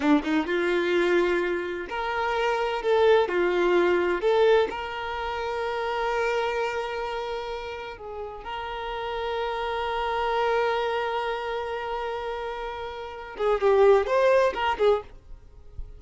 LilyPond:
\new Staff \with { instrumentName = "violin" } { \time 4/4 \tempo 4 = 128 d'8 dis'8 f'2. | ais'2 a'4 f'4~ | f'4 a'4 ais'2~ | ais'1~ |
ais'4 gis'4 ais'2~ | ais'1~ | ais'1~ | ais'8 gis'8 g'4 c''4 ais'8 gis'8 | }